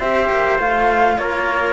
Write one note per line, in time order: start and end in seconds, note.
0.00 0.30 C4
0.00 0.59 G4
0.00 1.18 C5
0.00 0.59 E5
0.31 0.59 A#3
0.59 1.18 A3
0.59 1.74 F4
0.59 1.18 F5
1.18 1.74 A#3
1.18 1.74 A#4
1.18 1.74 C#5